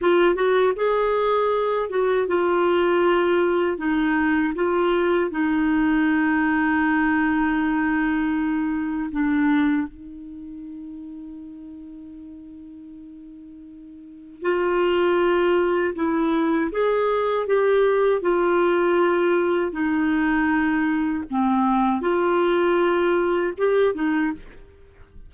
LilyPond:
\new Staff \with { instrumentName = "clarinet" } { \time 4/4 \tempo 4 = 79 f'8 fis'8 gis'4. fis'8 f'4~ | f'4 dis'4 f'4 dis'4~ | dis'1 | d'4 dis'2.~ |
dis'2. f'4~ | f'4 e'4 gis'4 g'4 | f'2 dis'2 | c'4 f'2 g'8 dis'8 | }